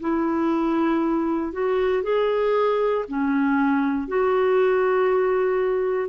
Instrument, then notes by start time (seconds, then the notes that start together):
clarinet
0.00 E4
1.53 F#4
2.03 G#4
3.08 C#4
4.08 F#4